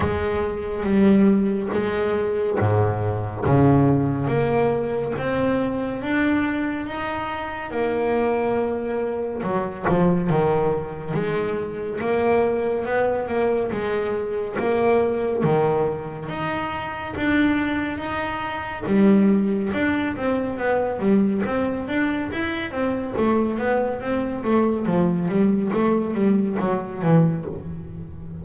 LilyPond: \new Staff \with { instrumentName = "double bass" } { \time 4/4 \tempo 4 = 70 gis4 g4 gis4 gis,4 | cis4 ais4 c'4 d'4 | dis'4 ais2 fis8 f8 | dis4 gis4 ais4 b8 ais8 |
gis4 ais4 dis4 dis'4 | d'4 dis'4 g4 d'8 c'8 | b8 g8 c'8 d'8 e'8 c'8 a8 b8 | c'8 a8 f8 g8 a8 g8 fis8 e8 | }